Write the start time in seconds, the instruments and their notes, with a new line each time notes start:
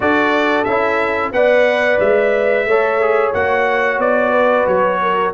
0.00 tuba D4, trombone F#4, horn A4, trumpet D5
0.64 tuba C#4, trombone E4, trumpet E5
1.31 tuba B3, trombone B4, horn D5, trumpet F#5
1.99 tuba G#3, trumpet E5
2.65 tuba A3, trombone A4, horn C#5
3.01 trombone G#4
3.33 tuba A#3, trombone F#4, trumpet F#5
3.98 tuba B3, trumpet D5
4.31 horn B4
4.66 tuba F#3, trumpet C#5
5.01 horn A#4